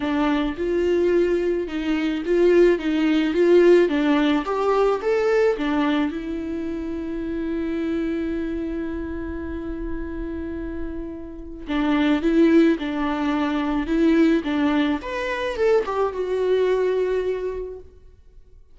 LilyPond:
\new Staff \with { instrumentName = "viola" } { \time 4/4 \tempo 4 = 108 d'4 f'2 dis'4 | f'4 dis'4 f'4 d'4 | g'4 a'4 d'4 e'4~ | e'1~ |
e'1~ | e'4 d'4 e'4 d'4~ | d'4 e'4 d'4 b'4 | a'8 g'8 fis'2. | }